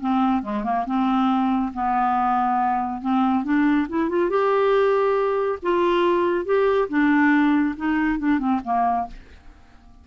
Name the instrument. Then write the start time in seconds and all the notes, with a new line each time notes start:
clarinet
0.00 C4
0.42 G#3
0.64 A#3
0.86 C4
1.73 B3
3.01 C4
3.44 D4
3.88 E4
4.09 F4
4.29 G4
5.62 F4
6.45 G4
6.88 D4
7.76 D#4
8.19 D4
8.38 C4
8.64 A#3